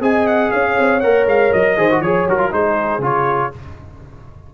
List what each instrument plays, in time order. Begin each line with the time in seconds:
0.00 tuba C4, trombone G#4, horn D#5, trumpet G#5
0.26 trumpet F#5
0.51 tuba C#4, horn C#5, trumpet F5
0.78 tuba C4
1.00 tuba A#3, trombone A#4, trumpet F#5
1.25 tuba G#3, trumpet F5
1.52 tuba F#3, trumpet D#5
1.76 tuba D#3, trombone G#4, horn C5
1.90 trombone F#4
2.00 tuba F3, trombone G#4, trumpet C#5, horn C#5
2.27 tuba F#3, trombone F#4, trumpet A#4
2.38 trombone F4
2.50 tuba G#3, trombone D#4, horn G#4, trumpet C5
2.98 tuba C#3, trombone F4, trumpet C#5